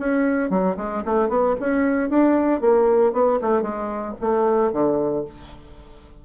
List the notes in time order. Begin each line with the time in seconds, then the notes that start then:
0.00 C#4
0.50 F#3
0.77 G#3
1.06 A3
1.29 B3
1.61 C#4
2.10 D4
2.61 A#3
3.13 B3
3.42 A3
3.62 G#3
4.22 A3
4.73 D3